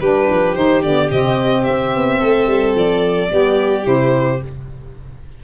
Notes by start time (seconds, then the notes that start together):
0.00 G3 D4 G4 B4
0.30 F3
0.55 D#3 D#4 C5
0.82 D3 B3 D5
1.09 C3 C4 D#5
1.64 C4 E5
1.94 B3
2.19 A3 A4
2.47 G3
2.75 F3 D5
3.29 G3 B3 G4
3.83 C3 E4 C5